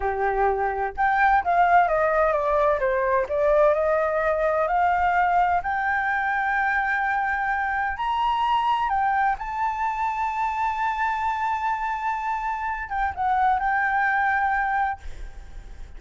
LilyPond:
\new Staff \with { instrumentName = "flute" } { \time 4/4 \tempo 4 = 128 g'2 g''4 f''4 | dis''4 d''4 c''4 d''4 | dis''2 f''2 | g''1~ |
g''4 ais''2 g''4 | a''1~ | a''2.~ a''8 g''8 | fis''4 g''2. | }